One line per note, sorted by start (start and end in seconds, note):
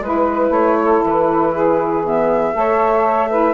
0.00 0.50 G#3
0.00 2.04 E4
0.00 0.79 B4
0.00 0.53 B4
0.50 1.00 A3
0.50 1.03 C#5
0.80 1.53 A4
1.04 2.54 E3
1.04 2.06 B4
1.53 2.54 G#4
2.04 2.54 B3
2.04 3.54 E5
2.54 3.54 A3
2.54 3.29 A4
2.54 3.29 C#5
3.29 3.54 E4
3.29 3.54 B4